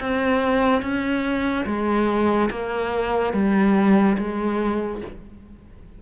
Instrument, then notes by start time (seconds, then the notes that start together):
cello
0.00 C4
0.82 C#4
1.66 G#3
2.50 A#3
3.33 G3
4.18 G#3